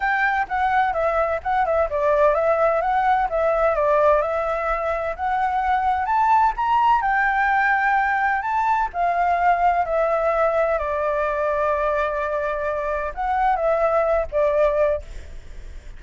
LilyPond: \new Staff \with { instrumentName = "flute" } { \time 4/4 \tempo 4 = 128 g''4 fis''4 e''4 fis''8 e''8 | d''4 e''4 fis''4 e''4 | d''4 e''2 fis''4~ | fis''4 a''4 ais''4 g''4~ |
g''2 a''4 f''4~ | f''4 e''2 d''4~ | d''1 | fis''4 e''4. d''4. | }